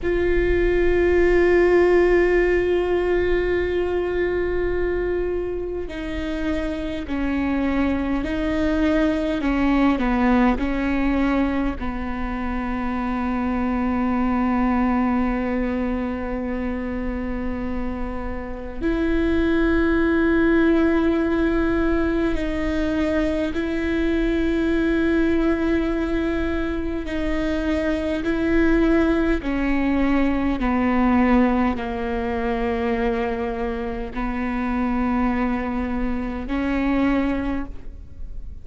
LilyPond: \new Staff \with { instrumentName = "viola" } { \time 4/4 \tempo 4 = 51 f'1~ | f'4 dis'4 cis'4 dis'4 | cis'8 b8 cis'4 b2~ | b1 |
e'2. dis'4 | e'2. dis'4 | e'4 cis'4 b4 ais4~ | ais4 b2 cis'4 | }